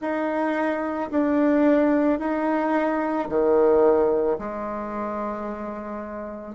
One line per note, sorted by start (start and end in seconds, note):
0.00 1.10 D#4
1.10 2.19 D4
2.19 3.28 D#4
3.28 4.37 D#3
4.38 6.55 G#3